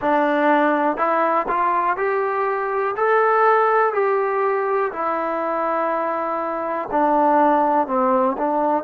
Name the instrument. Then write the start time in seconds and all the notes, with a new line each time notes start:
trombone
0.00 D4
0.97 E4
1.48 F4
1.96 G4
2.96 A4
3.93 G4
4.92 E4
6.91 D4
7.87 C4
8.37 D4